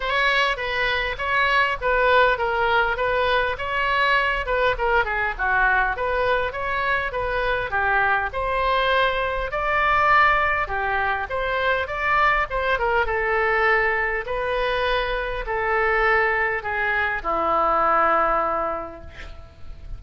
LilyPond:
\new Staff \with { instrumentName = "oboe" } { \time 4/4 \tempo 4 = 101 cis''4 b'4 cis''4 b'4 | ais'4 b'4 cis''4. b'8 | ais'8 gis'8 fis'4 b'4 cis''4 | b'4 g'4 c''2 |
d''2 g'4 c''4 | d''4 c''8 ais'8 a'2 | b'2 a'2 | gis'4 e'2. | }